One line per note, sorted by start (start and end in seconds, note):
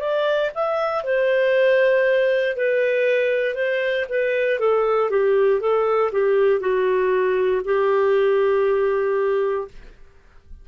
0.00 0.51 D5
0.55 1.04 E5
1.04 2.57 C5
2.57 3.55 B4
3.55 4.06 C5
4.10 4.59 B4
4.59 5.10 A4
5.10 5.61 G4
5.61 6.12 A4
6.12 6.60 G4
6.60 7.62 F#4
7.65 9.68 G4